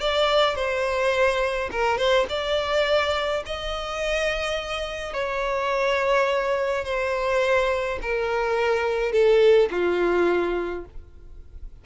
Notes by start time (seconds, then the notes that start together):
0.00 D5
0.55 C5
1.71 A#4
1.98 C5
2.29 D5
3.46 D#5
5.14 C#5
6.85 C5
8.02 A#4
9.12 A4
9.71 F4